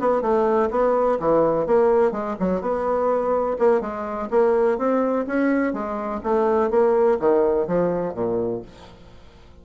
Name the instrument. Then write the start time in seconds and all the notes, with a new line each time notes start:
bassoon
0.00 B3
0.22 A3
0.71 B3
1.20 E3
1.67 A#3
2.12 G#3
2.40 F#3
2.62 B3
3.59 A#3
3.81 G#3
4.31 A#3
4.78 C4
5.27 C#4
5.74 G#3
6.24 A3
6.71 A#3
7.20 D#3
7.68 F3
8.14 A#2